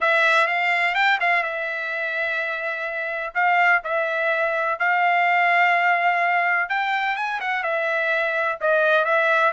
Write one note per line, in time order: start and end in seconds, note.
0.00 0.47 E5
0.47 0.94 F5
0.94 1.18 G5
1.20 1.43 F5
1.43 3.33 E5
3.34 3.82 F5
3.84 4.79 E5
4.79 6.69 F5
6.69 7.16 G5
7.16 7.40 G#5
7.40 7.63 F#5
7.63 8.58 E5
8.61 9.05 D#5
9.05 9.52 E5